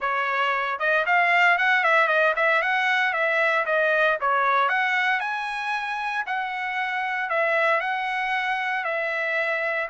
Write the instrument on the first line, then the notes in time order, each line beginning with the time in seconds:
trumpet
0.00 C#5
0.79 D#5
1.06 F5
1.58 F#5
1.83 E5
2.07 D#5
2.35 E5
2.61 F#5
3.13 E5
3.65 D#5
4.20 C#5
4.68 F#5
5.20 G#5
6.26 F#5
7.29 E5
7.80 F#5
8.84 E5